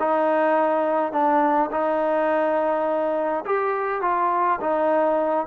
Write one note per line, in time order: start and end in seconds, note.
0.00 1.13 D#4
1.13 1.70 D4
1.72 3.45 D#4
3.46 4.02 G4
4.02 4.60 F4
4.61 5.47 D#4